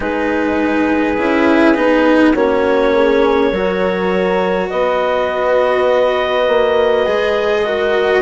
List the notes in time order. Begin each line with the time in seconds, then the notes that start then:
0.00 G#3 D#4 G#4 B4
1.17 C#4 E4
1.75 B3 D#4
2.34 A#3 C#4 F#4 C#5
2.94 G#4
3.51 F#3 F#4 A#4
4.69 B3 B4 D#5
6.48 A#3
7.06 G#3 G#4
7.64 F#4 A#4